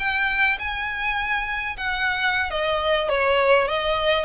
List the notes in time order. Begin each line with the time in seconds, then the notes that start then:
0.00 G5
0.59 G#5
1.78 F#5
2.51 D#5
3.09 C#5
3.68 D#5